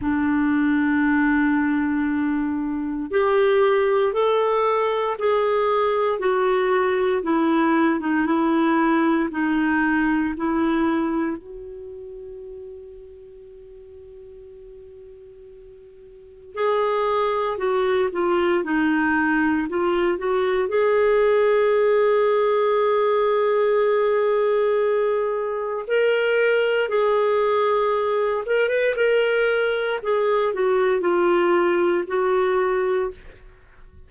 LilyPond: \new Staff \with { instrumentName = "clarinet" } { \time 4/4 \tempo 4 = 58 d'2. g'4 | a'4 gis'4 fis'4 e'8. dis'16 | e'4 dis'4 e'4 fis'4~ | fis'1 |
gis'4 fis'8 f'8 dis'4 f'8 fis'8 | gis'1~ | gis'4 ais'4 gis'4. ais'16 b'16 | ais'4 gis'8 fis'8 f'4 fis'4 | }